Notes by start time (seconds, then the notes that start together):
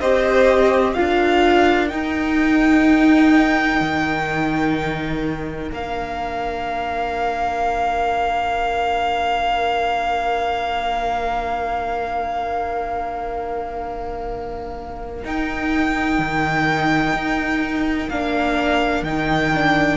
0.00 C4 G4 C5 D#5
0.94 D4 F4 A#4 F5
1.88 D#4 G5
3.81 D#3
5.69 A#3 D4 F5
15.24 D#4 G5
16.19 D#3
17.13 D#4
18.10 A#3 D4 F5
19.02 D#3 D#4 G5
19.54 D4